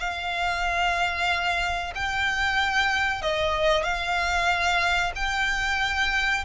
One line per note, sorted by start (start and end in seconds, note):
0.00 1.94 F5
1.96 3.22 G5
3.22 3.84 D#5
3.84 5.13 F5
5.16 6.45 G5